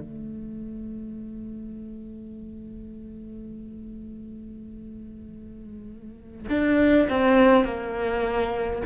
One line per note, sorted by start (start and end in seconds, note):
0.00 6.47 A3
6.49 7.08 D4
7.09 7.65 C4
7.65 8.82 A#3